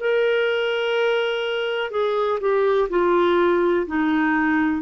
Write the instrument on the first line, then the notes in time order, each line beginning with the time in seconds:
clarinet
0.00 A#4
1.91 G#4
2.41 G4
2.90 F4
3.87 D#4